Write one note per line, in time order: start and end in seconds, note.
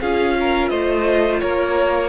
0.00 0.70 C#4
0.00 2.09 F4
0.00 0.35 G#4
0.00 0.69 F5
0.40 0.71 A#4
0.69 1.41 A3
0.69 1.41 C5
0.69 1.40 D#5
1.40 2.09 A#3
1.40 2.09 A#4
1.40 2.09 C#5